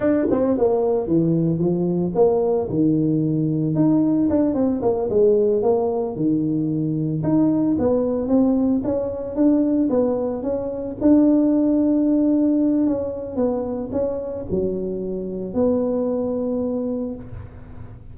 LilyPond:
\new Staff \with { instrumentName = "tuba" } { \time 4/4 \tempo 4 = 112 d'8 c'8 ais4 e4 f4 | ais4 dis2 dis'4 | d'8 c'8 ais8 gis4 ais4 dis8~ | dis4. dis'4 b4 c'8~ |
c'8 cis'4 d'4 b4 cis'8~ | cis'8 d'2.~ d'8 | cis'4 b4 cis'4 fis4~ | fis4 b2. | }